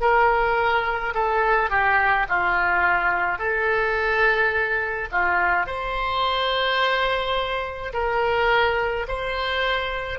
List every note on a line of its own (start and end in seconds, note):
0.00 1.13 A#4
1.14 1.70 A4
1.70 2.26 G4
2.28 3.39 F4
3.39 5.08 A4
5.11 5.66 F4
5.66 7.92 C5
7.93 9.06 A#4
9.08 10.19 C5